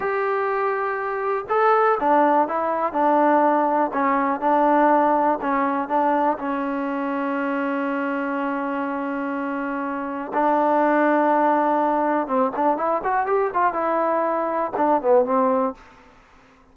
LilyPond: \new Staff \with { instrumentName = "trombone" } { \time 4/4 \tempo 4 = 122 g'2. a'4 | d'4 e'4 d'2 | cis'4 d'2 cis'4 | d'4 cis'2.~ |
cis'1~ | cis'4 d'2.~ | d'4 c'8 d'8 e'8 fis'8 g'8 f'8 | e'2 d'8 b8 c'4 | }